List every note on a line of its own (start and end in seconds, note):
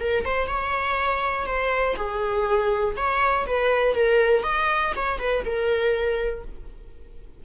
0.00 0.25 A#4
0.25 0.47 C5
0.47 1.46 C#5
1.47 1.96 C5
1.96 2.95 G#4
2.96 3.46 C#5
3.46 3.95 B4
3.95 4.43 A#4
4.43 4.93 D#5
4.96 5.19 C#5
5.19 5.44 B4
5.45 6.44 A#4